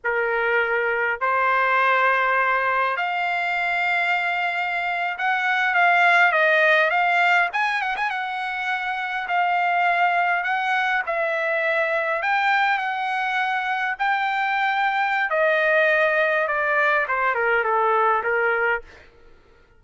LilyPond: \new Staff \with { instrumentName = "trumpet" } { \time 4/4 \tempo 4 = 102 ais'2 c''2~ | c''4 f''2.~ | f''8. fis''4 f''4 dis''4 f''16~ | f''8. gis''8 fis''16 gis''16 fis''2 f''16~ |
f''4.~ f''16 fis''4 e''4~ e''16~ | e''8. g''4 fis''2 g''16~ | g''2 dis''2 | d''4 c''8 ais'8 a'4 ais'4 | }